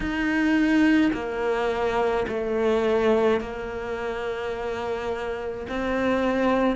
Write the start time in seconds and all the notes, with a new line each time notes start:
0.00 D#4
1.13 A#3
2.27 A3
3.40 A#3
5.69 C4